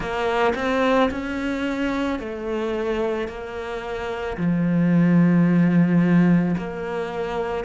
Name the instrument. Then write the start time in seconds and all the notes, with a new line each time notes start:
cello
0.00 A#3
0.55 C4
1.10 C#4
2.19 A3
3.27 A#3
4.37 F3
6.57 A#3